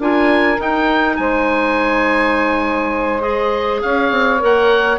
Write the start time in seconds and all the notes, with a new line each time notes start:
0.00 D4 F4 A#4 G#5
0.57 D#4 G5
1.17 G#3 C5 G#5
3.21 G#4 D#5
3.82 C#4 C#5 F5
4.12 C4
4.39 A#3 A#4 F#5